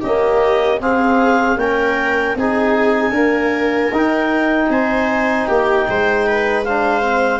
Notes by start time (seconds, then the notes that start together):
0.00 A#3 C#4 G4 D#5
0.80 C4 G#4 F5
1.56 A#3 C#4 A#4 G5
2.35 C4 D#4 G#4 G#5
3.11 A#3 D4 A#4
3.91 D#4 G5
4.69 C4 C5 G#5
5.46 A#3 G4 G5
5.88 G#3 C5
6.27 B4
6.64 D4 C5 F5
7.02 C4